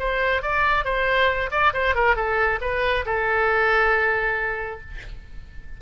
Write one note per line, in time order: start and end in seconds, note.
0.00 0.43 C5
0.43 0.85 D5
0.85 1.51 C5
1.52 1.74 D5
1.74 1.96 C5
1.96 2.16 A#4
2.16 2.60 A4
2.62 3.05 B4
3.06 4.81 A4